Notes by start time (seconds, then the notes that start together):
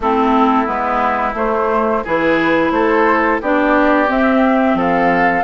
0.00 A3 C4 E4 A4
0.65 G#3 B3 B4
1.33 A3 C5
2.03 E3 E4 G#4 B4
2.71 A3 A4 C5
3.41 B3 D4 G4 D5
4.07 C4 E5
4.74 F3 A4 F5